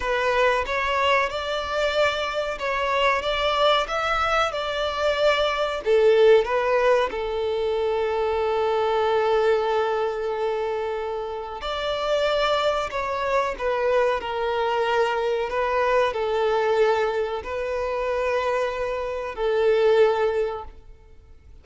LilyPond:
\new Staff \with { instrumentName = "violin" } { \time 4/4 \tempo 4 = 93 b'4 cis''4 d''2 | cis''4 d''4 e''4 d''4~ | d''4 a'4 b'4 a'4~ | a'1~ |
a'2 d''2 | cis''4 b'4 ais'2 | b'4 a'2 b'4~ | b'2 a'2 | }